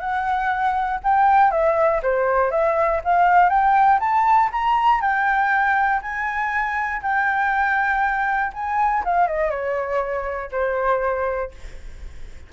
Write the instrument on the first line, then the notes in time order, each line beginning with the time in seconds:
flute
0.00 F#5
1.04 G5
1.52 E5
2.03 C5
2.51 E5
3.05 F5
3.50 G5
4.00 A5
4.53 A#5
5.01 G5
6.02 G#5
7.02 G5
8.54 G#5
9.05 F5
9.28 D#5
9.50 C#5
10.52 C5